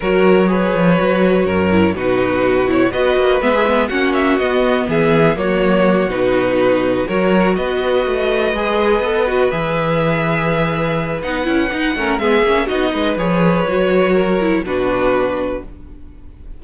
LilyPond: <<
  \new Staff \with { instrumentName = "violin" } { \time 4/4 \tempo 4 = 123 cis''1 | b'4. cis''8 dis''4 e''4 | fis''8 e''8 dis''4 e''4 cis''4~ | cis''8 b'2 cis''4 dis''8~ |
dis''2.~ dis''8 e''8~ | e''2. fis''4~ | fis''4 e''4 dis''4 cis''4~ | cis''2 b'2 | }
  \new Staff \with { instrumentName = "violin" } { \time 4/4 ais'4 b'2 ais'4 | fis'2 b'2 | fis'2 gis'4 fis'4~ | fis'2~ fis'8 ais'4 b'8~ |
b'1~ | b'1~ | b'8 ais'8 gis'4 fis'8 b'4.~ | b'4 ais'4 fis'2 | }
  \new Staff \with { instrumentName = "viola" } { \time 4/4 fis'4 gis'4 fis'4. e'8 | dis'4. e'8 fis'4 b16 gis'16 b8 | cis'4 b2 ais4~ | ais8 dis'2 fis'4.~ |
fis'4. gis'4 a'8 fis'8 gis'8~ | gis'2. dis'8 e'8 | dis'8 cis'8 b8 cis'8 dis'4 gis'4 | fis'4. e'8 d'2 | }
  \new Staff \with { instrumentName = "cello" } { \time 4/4 fis4. f8 fis4 fis,4 | b,2 b8 ais8 gis4 | ais4 b4 e4 fis4~ | fis8 b,2 fis4 b8~ |
b8 a4 gis4 b4 e8~ | e2. b8 cis'8 | dis'8 a8 gis8 ais8 b8 gis8 f4 | fis2 b,2 | }
>>